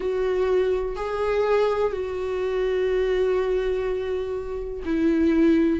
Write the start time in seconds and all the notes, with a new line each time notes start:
0.00 F#4
0.96 G#4
1.92 F#4
4.85 E4